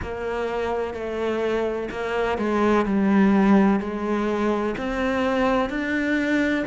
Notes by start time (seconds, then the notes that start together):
0.02 A#3
0.94 A3
1.90 A#3
2.38 G#3
2.85 G3
3.80 G#3
4.77 C4
5.69 D4